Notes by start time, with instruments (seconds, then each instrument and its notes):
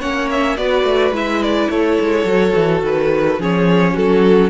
0.00 cello A#3, viola C#4, violin C#5 F#5
0.31 violin E5
0.57 cello B3, viola F#4, violin B4 D5
0.83 cello A3
1.11 cello G#3, viola E4, violin E5
1.43 violin D5
1.69 cello A3, violin A4 C#5
2.01 cello G#3
2.25 cello F#3, viola F#4
2.55 cello E3
2.82 cello D#3, violin B4
3.39 cello F3, viola C#4, violin G#4 C#5
3.94 cello F#3, violin F#4 A4